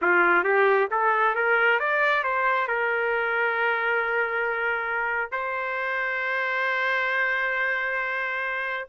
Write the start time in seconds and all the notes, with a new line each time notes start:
0.01 F4
0.43 G4
0.90 A4
1.35 A#4
1.79 D5
2.23 C5
2.67 A#4
5.31 C5